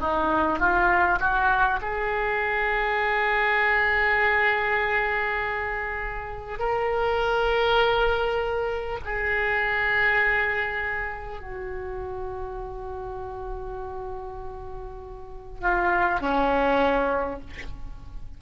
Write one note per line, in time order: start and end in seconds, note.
0.00 0.59 D#4
0.59 1.19 F4
1.20 1.80 F#4
1.82 6.59 G#4
6.59 8.99 A#4
9.05 11.41 G#4
11.41 15.61 F#4
15.61 16.21 F4
16.21 17.41 C#4